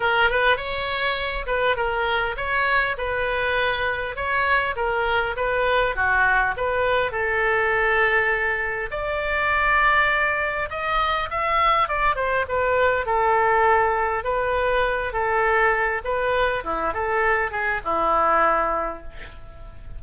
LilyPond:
\new Staff \with { instrumentName = "oboe" } { \time 4/4 \tempo 4 = 101 ais'8 b'8 cis''4. b'8 ais'4 | cis''4 b'2 cis''4 | ais'4 b'4 fis'4 b'4 | a'2. d''4~ |
d''2 dis''4 e''4 | d''8 c''8 b'4 a'2 | b'4. a'4. b'4 | e'8 a'4 gis'8 e'2 | }